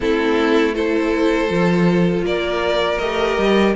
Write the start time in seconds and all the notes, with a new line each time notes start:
0.00 A3 C4 E4 A4
0.74 E4 A4 C5
1.48 F3 F4
2.23 A#3 A#4 D5
2.98 A3 G4 D#5
3.38 G3